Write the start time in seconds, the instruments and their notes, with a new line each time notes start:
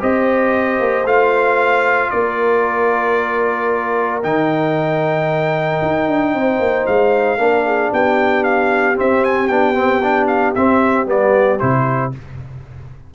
0.00 tuba C4, trombone G4, horn C5, trumpet D#5
0.80 tuba A#3
1.05 tuba A3, trombone F4, trumpet F5
2.11 tuba A#3, horn A#4, trumpet D5
4.23 tuba D#3, trombone D#4, trumpet G5
5.82 tuba D#4
6.08 tuba D4
6.35 tuba C4, horn C5
6.60 tuba A#3
6.87 tuba G#3, trumpet F5
7.38 tuba A#3, trombone D4, horn A#4
7.66 horn G#4
7.92 tuba B3, horn G4, trumpet G5
8.44 trumpet F5
8.96 trombone C4, tuba C4, trumpet E5
9.24 trumpet G#5
9.48 tuba B3, trombone D4, trumpet G5
9.75 trombone C4
10.03 trombone D4
10.28 trumpet F5
10.55 tuba C4, trombone C4, trumpet E5
11.06 tuba G3, trombone B3, trumpet D5
11.59 tuba C3, trombone E4, trumpet C5